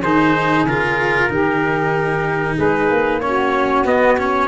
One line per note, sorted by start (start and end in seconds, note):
0.00 0.64 D#3
0.00 0.68 D#4
0.00 1.28 G#4
0.00 0.66 C5
0.64 1.28 C#3
0.64 1.29 F4
0.64 2.58 A#4
1.29 2.57 D#3
1.29 3.21 D#4
1.29 2.55 G4
2.55 2.90 G#3
2.55 3.19 G#4
2.55 3.20 B4
2.90 3.85 A#3
3.20 3.85 C#4
3.20 4.47 F#4
3.20 3.84 C#5
3.85 4.16 B3
3.85 4.47 B3
3.85 4.18 D#5
4.18 4.47 C#4
4.18 4.47 C#5